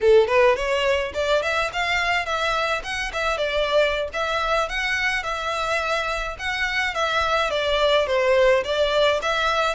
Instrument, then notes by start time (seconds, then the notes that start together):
violin
0.00 A4
0.27 B4
0.55 C#5
1.14 D5
1.42 E5
1.73 F5
2.25 E5
2.83 F#5
3.12 E5
3.37 D5
4.13 E5
4.68 F#5
5.23 E5
6.39 F#5
6.94 E5
7.50 D5
8.07 C5
8.63 D5
9.22 E5